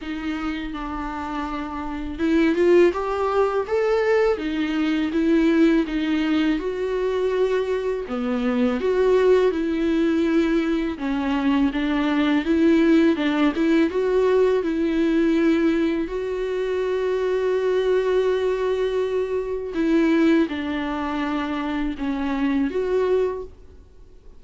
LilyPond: \new Staff \with { instrumentName = "viola" } { \time 4/4 \tempo 4 = 82 dis'4 d'2 e'8 f'8 | g'4 a'4 dis'4 e'4 | dis'4 fis'2 b4 | fis'4 e'2 cis'4 |
d'4 e'4 d'8 e'8 fis'4 | e'2 fis'2~ | fis'2. e'4 | d'2 cis'4 fis'4 | }